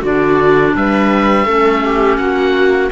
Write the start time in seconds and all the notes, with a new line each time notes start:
0.00 D3 D4 F#4 D5
0.75 G3 B4 E5
1.45 A3 C#4 A4
1.85 G4
2.17 A#3 F#4 F#5